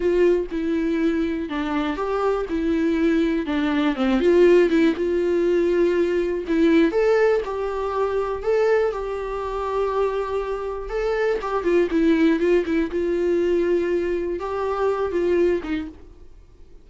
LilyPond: \new Staff \with { instrumentName = "viola" } { \time 4/4 \tempo 4 = 121 f'4 e'2 d'4 | g'4 e'2 d'4 | c'8 f'4 e'8 f'2~ | f'4 e'4 a'4 g'4~ |
g'4 a'4 g'2~ | g'2 a'4 g'8 f'8 | e'4 f'8 e'8 f'2~ | f'4 g'4. f'4 dis'8 | }